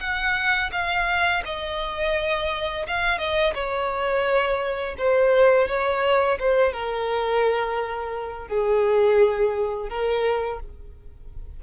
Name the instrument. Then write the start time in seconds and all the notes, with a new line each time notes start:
violin
0.00 F#5
0.72 F5
1.45 D#5
2.87 F5
3.19 D#5
3.55 C#5
4.98 C5
5.68 C#5
6.39 C5
6.73 A#4
8.48 G#4
9.89 A#4